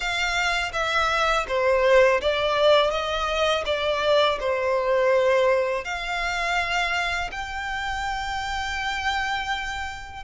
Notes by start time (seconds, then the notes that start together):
0.00 F5
0.73 E5
1.47 C5
2.21 D5
2.90 D#5
3.65 D5
4.39 C5
5.84 F5
7.31 G5